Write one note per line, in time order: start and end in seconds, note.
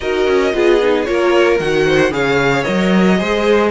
0.00 0.27 D#4
0.00 0.53 F#4
0.00 0.54 A#4
0.00 1.05 D#5
0.27 0.53 C#4
0.53 1.07 B3
0.53 0.80 F4
0.53 1.08 G#4
0.83 1.05 D#4
1.05 1.59 A#3
1.05 1.58 F4
1.05 1.86 A#4
1.05 1.58 C#5
1.59 2.11 D#3
1.59 2.11 F#4
1.59 2.12 F#5
1.86 2.12 C5
2.11 2.64 C#3
2.11 2.63 G#4
2.11 3.18 C#5
2.11 2.63 F5
2.63 3.20 F#3
2.63 3.16 A#4
2.63 3.69 D#5
3.17 3.71 G#3
3.17 3.70 G#4
3.17 3.71 C5